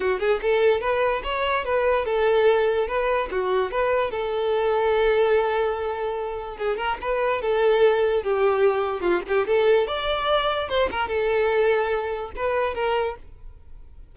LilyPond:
\new Staff \with { instrumentName = "violin" } { \time 4/4 \tempo 4 = 146 fis'8 gis'8 a'4 b'4 cis''4 | b'4 a'2 b'4 | fis'4 b'4 a'2~ | a'1 |
gis'8 ais'8 b'4 a'2 | g'2 f'8 g'8 a'4 | d''2 c''8 ais'8 a'4~ | a'2 b'4 ais'4 | }